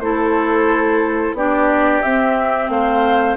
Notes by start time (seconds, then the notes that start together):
0.00 A3 E4 A4 C5
1.33 B3 D4 G4 D5
2.02 C4 E5
2.69 A3 C5 F5